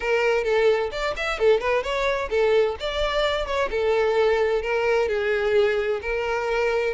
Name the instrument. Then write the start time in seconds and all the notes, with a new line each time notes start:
violin
0.00 A#4
0.44 A4
0.91 D5
1.16 E5
1.38 A4
1.60 B4
1.83 C#5
2.30 A4
2.79 D5
3.46 C#5
3.70 A4
4.62 A#4
5.08 G#4
6.01 A#4